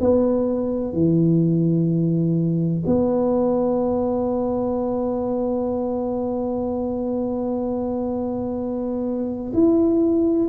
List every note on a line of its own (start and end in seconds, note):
0.00 0.93 B3
0.93 2.83 E3
2.86 9.53 B3
9.54 10.49 E4